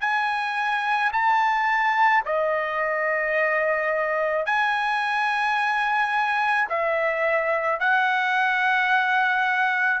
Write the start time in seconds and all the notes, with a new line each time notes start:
0.00 G#5
1.12 A5
2.25 D#5
4.45 G#5
6.69 E5
7.79 F#5